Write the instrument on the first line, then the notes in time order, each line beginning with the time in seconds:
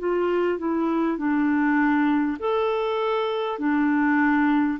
clarinet
0.00 F4
0.59 E4
1.18 D4
2.40 A4
3.59 D4